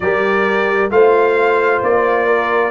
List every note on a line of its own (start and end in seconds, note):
0.00 0.90 G3
0.00 0.90 G4
0.00 0.92 A#4
0.00 0.90 D5
0.90 1.81 A3
0.90 2.71 F4
0.90 2.26 C5
0.90 1.82 F5
1.82 2.71 A#3
1.82 2.71 D5
2.26 2.71 A#4